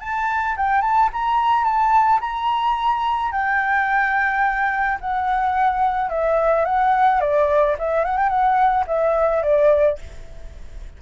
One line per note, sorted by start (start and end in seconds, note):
0.00 0.56 A5
0.56 0.81 G5
0.81 1.09 A5
1.12 1.64 A#5
1.64 2.20 A5
2.20 3.32 A#5
3.32 4.98 G5
5.01 6.10 F#5
6.10 6.65 E5
6.65 7.20 F#5
7.20 7.76 D5
7.79 8.04 E5
8.04 8.17 F#5
8.17 8.29 G5
8.29 8.84 F#5
8.87 9.42 E5
9.42 9.98 D5